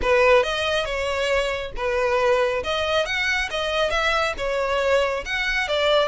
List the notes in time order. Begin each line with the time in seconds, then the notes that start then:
0.02 B4
0.43 D#5
0.85 C#5
1.76 B4
2.63 D#5
3.05 F#5
3.50 D#5
3.90 E5
4.37 C#5
5.25 F#5
5.67 D5